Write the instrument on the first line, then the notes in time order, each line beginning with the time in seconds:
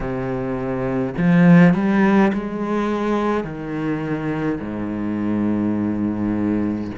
cello
0.00 C3
1.17 F3
1.74 G3
2.33 G#3
3.44 D#3
4.60 G#2